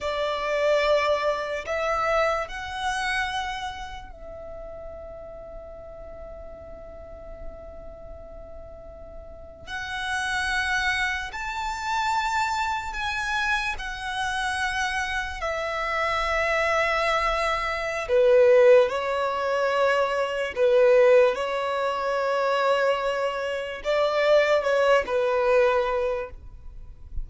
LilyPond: \new Staff \with { instrumentName = "violin" } { \time 4/4 \tempo 4 = 73 d''2 e''4 fis''4~ | fis''4 e''2.~ | e''2.~ e''8. fis''16~ | fis''4.~ fis''16 a''2 gis''16~ |
gis''8. fis''2 e''4~ e''16~ | e''2 b'4 cis''4~ | cis''4 b'4 cis''2~ | cis''4 d''4 cis''8 b'4. | }